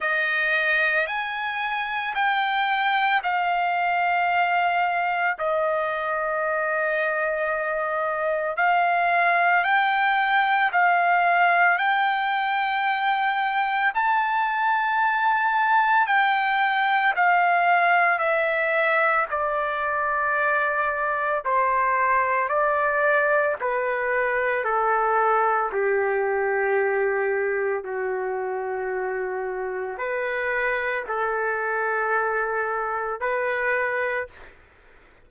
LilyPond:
\new Staff \with { instrumentName = "trumpet" } { \time 4/4 \tempo 4 = 56 dis''4 gis''4 g''4 f''4~ | f''4 dis''2. | f''4 g''4 f''4 g''4~ | g''4 a''2 g''4 |
f''4 e''4 d''2 | c''4 d''4 b'4 a'4 | g'2 fis'2 | b'4 a'2 b'4 | }